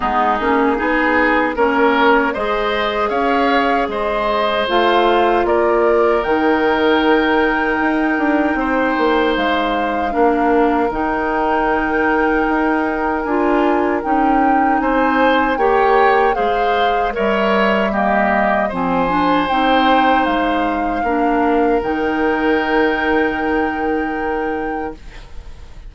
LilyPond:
<<
  \new Staff \with { instrumentName = "flute" } { \time 4/4 \tempo 4 = 77 gis'2 cis''4 dis''4 | f''4 dis''4 f''4 d''4 | g''1 | f''2 g''2~ |
g''4 gis''4 g''4 gis''4 | g''4 f''4 e''4 dis''4 | gis''4 g''4 f''2 | g''1 | }
  \new Staff \with { instrumentName = "oboe" } { \time 4/4 dis'4 gis'4 ais'4 c''4 | cis''4 c''2 ais'4~ | ais'2. c''4~ | c''4 ais'2.~ |
ais'2. c''4 | cis''4 c''4 cis''4 g'4 | c''2. ais'4~ | ais'1 | }
  \new Staff \with { instrumentName = "clarinet" } { \time 4/4 b8 cis'8 dis'4 cis'4 gis'4~ | gis'2 f'2 | dis'1~ | dis'4 d'4 dis'2~ |
dis'4 f'4 dis'2 | g'4 gis'4 ais'4 ais4 | c'8 d'8 dis'2 d'4 | dis'1 | }
  \new Staff \with { instrumentName = "bassoon" } { \time 4/4 gis8 ais8 b4 ais4 gis4 | cis'4 gis4 a4 ais4 | dis2 dis'8 d'8 c'8 ais8 | gis4 ais4 dis2 |
dis'4 d'4 cis'4 c'4 | ais4 gis4 g2 | f4 c'4 gis4 ais4 | dis1 | }
>>